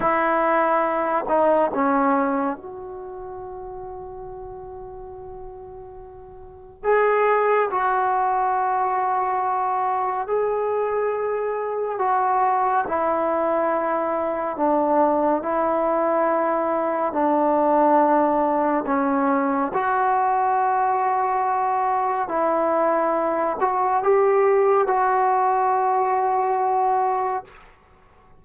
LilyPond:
\new Staff \with { instrumentName = "trombone" } { \time 4/4 \tempo 4 = 70 e'4. dis'8 cis'4 fis'4~ | fis'1 | gis'4 fis'2. | gis'2 fis'4 e'4~ |
e'4 d'4 e'2 | d'2 cis'4 fis'4~ | fis'2 e'4. fis'8 | g'4 fis'2. | }